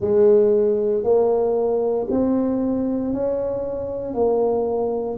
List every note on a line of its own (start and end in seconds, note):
0.00 1.03 G#3
1.03 2.06 A#3
2.10 3.13 C4
3.13 4.14 C#4
4.14 5.17 A#3